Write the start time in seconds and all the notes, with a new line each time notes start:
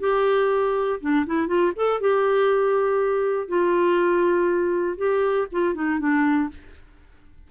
0.00 G4
1.01 D4
1.26 E4
1.48 F4
1.76 A4
2.01 G4
3.48 F4
4.98 G4
5.52 F4
5.75 D#4
6.00 D4